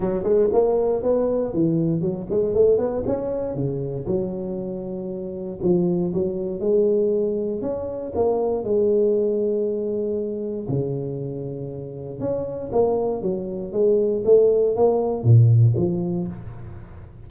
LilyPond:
\new Staff \with { instrumentName = "tuba" } { \time 4/4 \tempo 4 = 118 fis8 gis8 ais4 b4 e4 | fis8 gis8 a8 b8 cis'4 cis4 | fis2. f4 | fis4 gis2 cis'4 |
ais4 gis2.~ | gis4 cis2. | cis'4 ais4 fis4 gis4 | a4 ais4 ais,4 f4 | }